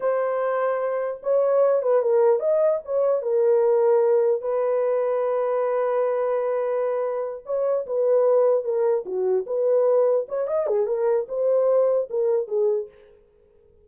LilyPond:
\new Staff \with { instrumentName = "horn" } { \time 4/4 \tempo 4 = 149 c''2. cis''4~ | cis''8 b'8 ais'4 dis''4 cis''4 | ais'2. b'4~ | b'1~ |
b'2~ b'8 cis''4 b'8~ | b'4. ais'4 fis'4 b'8~ | b'4. cis''8 dis''8 gis'8 ais'4 | c''2 ais'4 gis'4 | }